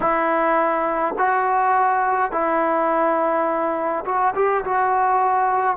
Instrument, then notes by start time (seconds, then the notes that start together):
trombone
0.00 E4
1.17 F#4
2.31 E4
4.05 F#4
4.35 G4
4.64 F#4